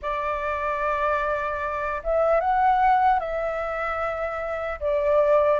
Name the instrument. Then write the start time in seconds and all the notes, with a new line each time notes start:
flute
0.02 D5
2.03 E5
2.40 F#5
3.19 E5
4.80 D5